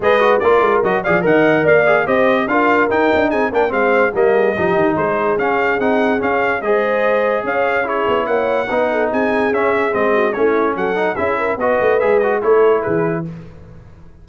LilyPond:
<<
  \new Staff \with { instrumentName = "trumpet" } { \time 4/4 \tempo 4 = 145 dis''4 d''4 dis''8 f''8 fis''4 | f''4 dis''4 f''4 g''4 | gis''8 g''8 f''4 dis''2 | c''4 f''4 fis''4 f''4 |
dis''2 f''4 cis''4 | fis''2 gis''4 e''4 | dis''4 cis''4 fis''4 e''4 | dis''4 e''8 dis''8 cis''4 b'4 | }
  \new Staff \with { instrumentName = "horn" } { \time 4/4 b'4 ais'4. d''8 dis''4 | d''4 c''4 ais'2 | gis'8 ais'8 c''4 ais'8 gis'8 g'4 | gis'1 |
c''2 cis''4 gis'4 | cis''4 b'8 a'8 gis'2~ | gis'8 fis'8 e'4 a'4 gis'8 ais'8 | b'2 a'4 gis'4 | }
  \new Staff \with { instrumentName = "trombone" } { \time 4/4 gis'8 fis'8 f'4 fis'8 gis'8 ais'4~ | ais'8 gis'8 g'4 f'4 dis'4~ | dis'8 d'8 c'4 ais4 dis'4~ | dis'4 cis'4 dis'4 cis'4 |
gis'2. e'4~ | e'4 dis'2 cis'4 | c'4 cis'4. dis'8 e'4 | fis'4 gis'8 fis'8 e'2 | }
  \new Staff \with { instrumentName = "tuba" } { \time 4/4 gis4 ais8 gis8 fis8 f8 dis4 | ais4 c'4 d'4 dis'8 d'8 | c'8 ais8 gis4 g4 f8 dis8 | gis4 cis'4 c'4 cis'4 |
gis2 cis'4. b8 | ais4 b4 c'4 cis'4 | gis4 a4 fis4 cis'4 | b8 a8 gis4 a4 e4 | }
>>